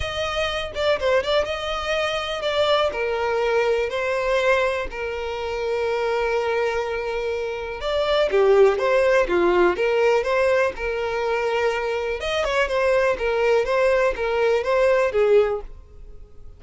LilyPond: \new Staff \with { instrumentName = "violin" } { \time 4/4 \tempo 4 = 123 dis''4. d''8 c''8 d''8 dis''4~ | dis''4 d''4 ais'2 | c''2 ais'2~ | ais'1 |
d''4 g'4 c''4 f'4 | ais'4 c''4 ais'2~ | ais'4 dis''8 cis''8 c''4 ais'4 | c''4 ais'4 c''4 gis'4 | }